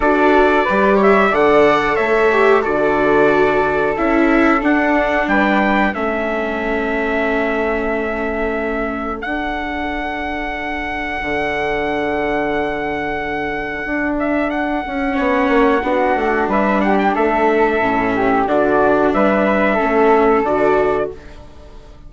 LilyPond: <<
  \new Staff \with { instrumentName = "trumpet" } { \time 4/4 \tempo 4 = 91 d''4. e''8 fis''4 e''4 | d''2 e''4 fis''4 | g''4 e''2.~ | e''2 fis''2~ |
fis''1~ | fis''4. e''8 fis''2~ | fis''4 e''8 fis''16 g''16 e''2 | d''4 e''2 d''4 | }
  \new Staff \with { instrumentName = "flute" } { \time 4/4 a'4 b'8 cis''8 d''4 cis''4 | a'1 | b'4 a'2.~ | a'1~ |
a'1~ | a'2. cis''4 | fis'4 b'8 g'8 a'4. g'8 | fis'4 b'4 a'2 | }
  \new Staff \with { instrumentName = "viola" } { \time 4/4 fis'4 g'4 a'4. g'8 | fis'2 e'4 d'4~ | d'4 cis'2.~ | cis'2 d'2~ |
d'1~ | d'2. cis'4 | d'2. cis'4 | d'2 cis'4 fis'4 | }
  \new Staff \with { instrumentName = "bassoon" } { \time 4/4 d'4 g4 d4 a4 | d2 cis'4 d'4 | g4 a2.~ | a2 d'2~ |
d'4 d2.~ | d4 d'4. cis'8 b8 ais8 | b8 a8 g4 a4 a,4 | d4 g4 a4 d4 | }
>>